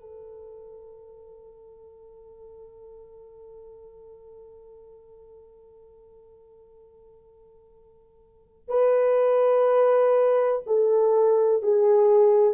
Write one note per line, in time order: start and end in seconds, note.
0.00 8.68 A4
8.68 10.62 B4
10.66 11.62 A4
11.62 12.54 G#4